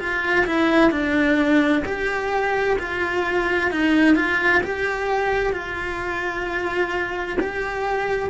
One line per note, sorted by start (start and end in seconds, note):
0.00 0.46 F4
0.46 0.91 E4
0.91 1.83 D4
1.85 2.78 G4
2.79 3.71 F4
3.71 4.16 D#4
4.16 4.62 F4
4.64 5.53 G4
5.53 7.38 F4
7.41 8.30 G4